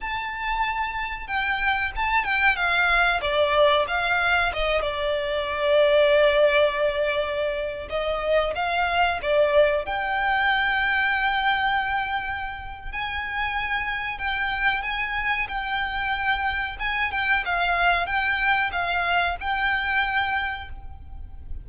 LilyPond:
\new Staff \with { instrumentName = "violin" } { \time 4/4 \tempo 4 = 93 a''2 g''4 a''8 g''8 | f''4 d''4 f''4 dis''8 d''8~ | d''1~ | d''16 dis''4 f''4 d''4 g''8.~ |
g''1 | gis''2 g''4 gis''4 | g''2 gis''8 g''8 f''4 | g''4 f''4 g''2 | }